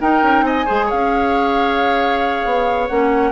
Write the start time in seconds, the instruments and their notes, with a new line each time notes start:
0.00 clarinet D#4, bassoon D#4, oboe A#4, flute G5
0.22 bassoon C#4
0.41 bassoon C4, oboe D#5, flute G#5
0.65 bassoon G#3, clarinet G#4, oboe C5
0.85 oboe C#5, flute F5
0.92 bassoon C#4
2.44 bassoon B3
2.88 bassoon A#3, clarinet C#4, flute F#5